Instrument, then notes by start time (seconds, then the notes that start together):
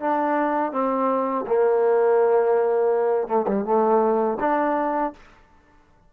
trombone
0.00 D4
0.72 C4
1.47 A#3
3.28 A3
3.48 G3
3.65 A3
4.40 D4